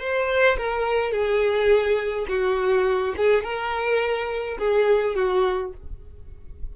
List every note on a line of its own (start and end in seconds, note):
0.00 0.57 C5
0.58 1.12 A#4
1.12 2.26 G#4
2.29 3.15 F#4
3.17 3.44 G#4
3.44 4.58 A#4
4.58 5.16 G#4
5.16 5.73 F#4